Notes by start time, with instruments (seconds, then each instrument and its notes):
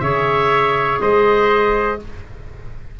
0.00 tuba C#3, clarinet G#4, trumpet C#5, oboe E5
1.01 tuba G#3, trumpet C5, oboe D#5